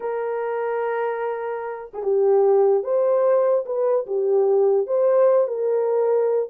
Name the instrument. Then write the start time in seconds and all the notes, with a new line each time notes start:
horn
0.00 A#4
1.93 G#4
2.03 G4
2.83 C5
3.65 B4
4.06 G4
4.86 C5
5.47 A#4